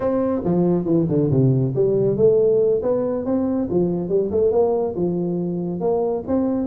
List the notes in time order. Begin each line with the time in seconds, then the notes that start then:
0.00 C4
0.44 F3
0.85 E3
1.09 D3
1.30 C3
1.75 G3
2.17 A3
2.82 B3
3.25 C4
3.70 F3
4.08 G3
4.31 A3
4.51 A#3
4.95 F3
5.80 A#3
6.27 C4